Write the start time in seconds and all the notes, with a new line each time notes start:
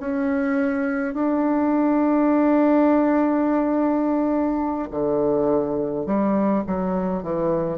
0.00 C#4
1.14 D4
4.91 D3
6.06 G3
6.67 F#3
7.23 E3